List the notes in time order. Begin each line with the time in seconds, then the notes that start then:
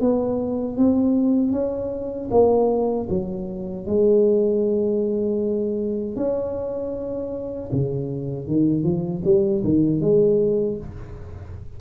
0.00 B3
0.77 C4
1.52 C#4
2.30 A#3
3.09 F#3
3.86 G#3
6.16 C#4
7.72 C#3
8.47 D#3
8.84 F3
9.24 G3
9.64 D#3
10.00 G#3